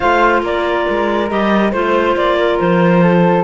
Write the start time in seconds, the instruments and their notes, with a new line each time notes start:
0.00 cello A3, clarinet F4 F5, flute C5
0.42 cello A#3, flute A#4, clarinet D5
0.89 cello G#3
1.29 cello G3, clarinet G4 D#5
1.72 cello A3, clarinet F4 C5, flute C5
2.16 cello A#3, clarinet D5
2.39 flute A#4
2.59 cello F3, clarinet C5
3.02 flute A4